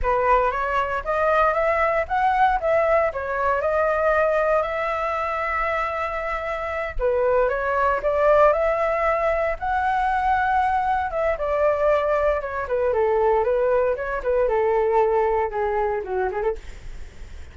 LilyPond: \new Staff \with { instrumentName = "flute" } { \time 4/4 \tempo 4 = 116 b'4 cis''4 dis''4 e''4 | fis''4 e''4 cis''4 dis''4~ | dis''4 e''2.~ | e''4. b'4 cis''4 d''8~ |
d''8 e''2 fis''4.~ | fis''4. e''8 d''2 | cis''8 b'8 a'4 b'4 cis''8 b'8 | a'2 gis'4 fis'8 gis'16 a'16 | }